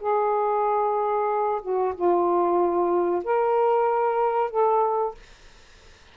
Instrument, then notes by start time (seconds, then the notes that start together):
saxophone
0.00 G#4
1.62 F#4
1.95 F4
3.24 A#4
4.50 A4